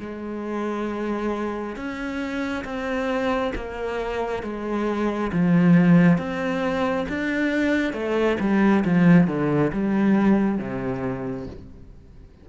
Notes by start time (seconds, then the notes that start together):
0.00 G#3
1.76 C#4
2.65 C4
3.55 A#3
4.43 G#3
5.33 F3
6.18 C4
7.09 D4
7.93 A3
8.40 G3
8.85 F3
9.28 D3
9.73 G3
10.59 C3